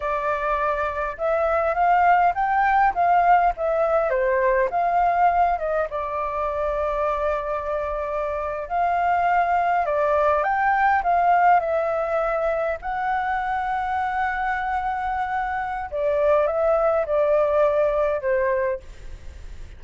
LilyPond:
\new Staff \with { instrumentName = "flute" } { \time 4/4 \tempo 4 = 102 d''2 e''4 f''4 | g''4 f''4 e''4 c''4 | f''4. dis''8 d''2~ | d''2~ d''8. f''4~ f''16~ |
f''8. d''4 g''4 f''4 e''16~ | e''4.~ e''16 fis''2~ fis''16~ | fis''2. d''4 | e''4 d''2 c''4 | }